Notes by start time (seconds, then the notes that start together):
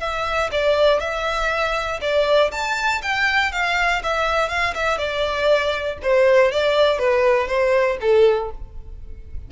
0.00 E5
0.51 D5
1.00 E5
2.01 D5
2.51 A5
3.02 G5
3.52 F5
4.03 E5
4.49 F5
4.74 E5
4.98 D5
6.02 C5
6.51 D5
6.99 B4
7.47 C5
8.00 A4